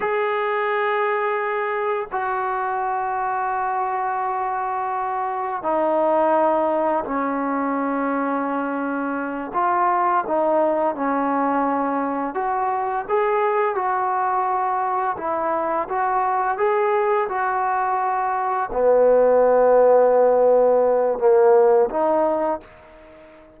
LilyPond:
\new Staff \with { instrumentName = "trombone" } { \time 4/4 \tempo 4 = 85 gis'2. fis'4~ | fis'1 | dis'2 cis'2~ | cis'4. f'4 dis'4 cis'8~ |
cis'4. fis'4 gis'4 fis'8~ | fis'4. e'4 fis'4 gis'8~ | gis'8 fis'2 b4.~ | b2 ais4 dis'4 | }